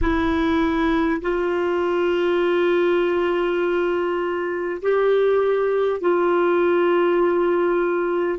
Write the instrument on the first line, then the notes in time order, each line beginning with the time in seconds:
clarinet
0.01 E4
1.21 F4
4.82 G4
6.00 F4